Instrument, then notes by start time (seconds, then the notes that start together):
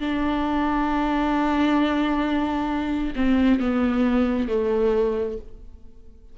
viola
0.00 D4
3.16 C4
3.60 B3
4.48 A3